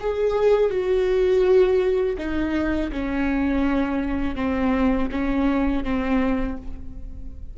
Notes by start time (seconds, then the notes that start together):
0.00 G#4
0.71 F#4
2.18 D#4
2.92 C#4
4.36 C4
5.12 C#4
5.84 C4